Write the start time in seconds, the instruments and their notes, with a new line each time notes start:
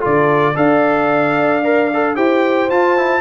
0.00 tuba D3, trombone F4, horn A4, trumpet D5
0.55 tuba D4, trombone A4, horn D5, trumpet F5
1.64 trombone A#4
1.93 trombone A4
2.15 tuba E4, trombone G4, horn C5, trumpet G5
2.70 tuba F4, trombone F4, trumpet A5
2.97 trombone E4